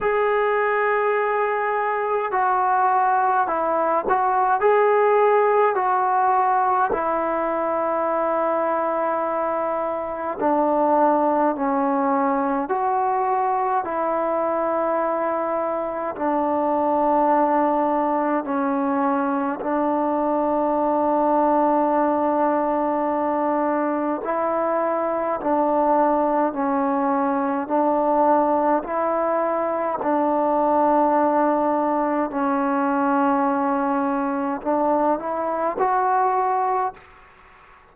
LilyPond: \new Staff \with { instrumentName = "trombone" } { \time 4/4 \tempo 4 = 52 gis'2 fis'4 e'8 fis'8 | gis'4 fis'4 e'2~ | e'4 d'4 cis'4 fis'4 | e'2 d'2 |
cis'4 d'2.~ | d'4 e'4 d'4 cis'4 | d'4 e'4 d'2 | cis'2 d'8 e'8 fis'4 | }